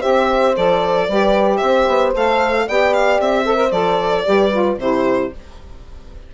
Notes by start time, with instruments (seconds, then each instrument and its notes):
0.00 bassoon C4, saxophone G4, horn C5, violin E5
0.56 bassoon F3, saxophone A4, violin D5
1.07 bassoon G3, saxophone G4, horn B4
1.57 bassoon C4, horn C5, violin E5
1.87 bassoon B3
2.14 bassoon A3, saxophone A4, violin F5
2.67 bassoon B3, saxophone G4, horn D5, violin G5
2.93 violin F5
3.20 bassoon C4, violin E5
3.45 saxophone A4, horn C5
3.55 saxophone A#4
3.71 bassoon F3, saxophone A4, violin D5
4.24 bassoon G3, saxophone G4, horn B4
4.51 saxophone F4
4.77 bassoon C3, saxophone E4, horn G4, violin C5